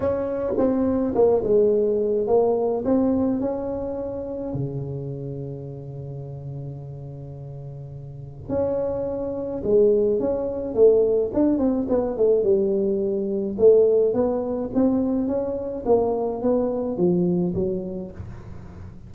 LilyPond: \new Staff \with { instrumentName = "tuba" } { \time 4/4 \tempo 4 = 106 cis'4 c'4 ais8 gis4. | ais4 c'4 cis'2 | cis1~ | cis2. cis'4~ |
cis'4 gis4 cis'4 a4 | d'8 c'8 b8 a8 g2 | a4 b4 c'4 cis'4 | ais4 b4 f4 fis4 | }